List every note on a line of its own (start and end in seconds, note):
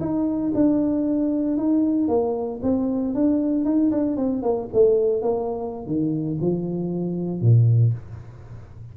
0.00 0.52 D#4
0.54 1.57 D4
1.57 2.08 D#4
2.08 2.60 A#3
2.62 3.14 C4
3.14 3.65 D4
3.65 3.91 D#4
3.91 4.16 D4
4.16 4.42 C4
4.42 4.68 A#3
4.73 5.22 A3
5.22 5.86 A#3
5.86 6.38 D#3
6.41 7.41 F3
7.41 7.93 A#2